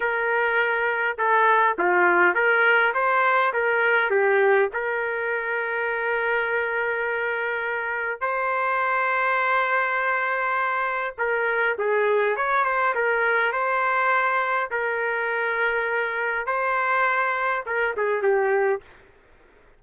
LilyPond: \new Staff \with { instrumentName = "trumpet" } { \time 4/4 \tempo 4 = 102 ais'2 a'4 f'4 | ais'4 c''4 ais'4 g'4 | ais'1~ | ais'2 c''2~ |
c''2. ais'4 | gis'4 cis''8 c''8 ais'4 c''4~ | c''4 ais'2. | c''2 ais'8 gis'8 g'4 | }